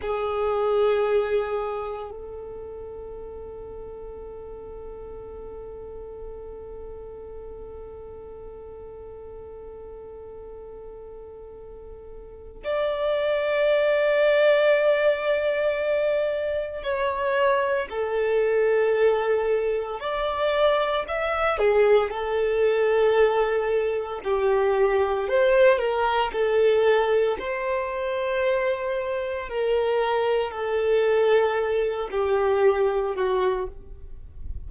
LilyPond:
\new Staff \with { instrumentName = "violin" } { \time 4/4 \tempo 4 = 57 gis'2 a'2~ | a'1~ | a'1 | d''1 |
cis''4 a'2 d''4 | e''8 gis'8 a'2 g'4 | c''8 ais'8 a'4 c''2 | ais'4 a'4. g'4 fis'8 | }